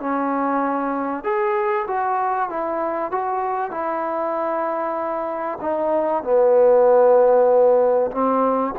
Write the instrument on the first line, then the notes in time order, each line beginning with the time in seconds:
trombone
0.00 C#4
1.24 G#4
1.88 F#4
2.49 E4
3.11 F#4
3.71 E4
5.61 D#4
6.23 B3
8.11 C4